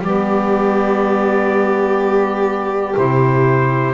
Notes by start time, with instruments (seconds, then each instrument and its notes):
0.00 double bass G3, saxophone B3, violin G4, trumpet D5
2.95 double bass C3, saxophone E4, trumpet C5